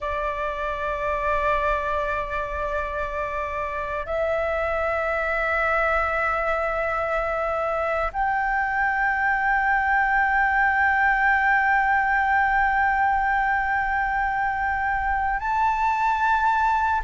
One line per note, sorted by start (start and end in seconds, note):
0.00 4.05 D5
4.05 8.11 E5
8.13 15.39 G5
15.39 17.01 A5